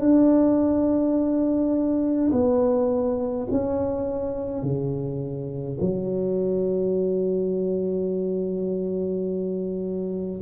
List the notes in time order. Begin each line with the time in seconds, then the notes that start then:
0.00 D4
2.32 B3
3.51 C#4
4.62 C#3
5.80 F#3